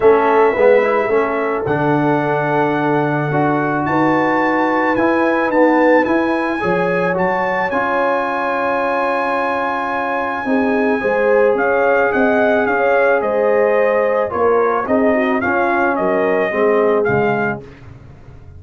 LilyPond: <<
  \new Staff \with { instrumentName = "trumpet" } { \time 4/4 \tempo 4 = 109 e''2. fis''4~ | fis''2. a''4~ | a''4 gis''4 a''4 gis''4~ | gis''4 a''4 gis''2~ |
gis''1~ | gis''4 f''4 fis''4 f''4 | dis''2 cis''4 dis''4 | f''4 dis''2 f''4 | }
  \new Staff \with { instrumentName = "horn" } { \time 4/4 a'4 b'4 a'2~ | a'2. b'4~ | b'1 | cis''1~ |
cis''2. gis'4 | c''4 cis''4 dis''4 cis''4 | c''2 ais'4 gis'8 fis'8 | f'4 ais'4 gis'2 | }
  \new Staff \with { instrumentName = "trombone" } { \time 4/4 cis'4 b8 e'8 cis'4 d'4~ | d'2 fis'2~ | fis'4 e'4 b4 e'4 | gis'4 fis'4 f'2~ |
f'2. dis'4 | gis'1~ | gis'2 f'4 dis'4 | cis'2 c'4 gis4 | }
  \new Staff \with { instrumentName = "tuba" } { \time 4/4 a4 gis4 a4 d4~ | d2 d'4 dis'4~ | dis'4 e'4 dis'4 e'4 | f4 fis4 cis'2~ |
cis'2. c'4 | gis4 cis'4 c'4 cis'4 | gis2 ais4 c'4 | cis'4 fis4 gis4 cis4 | }
>>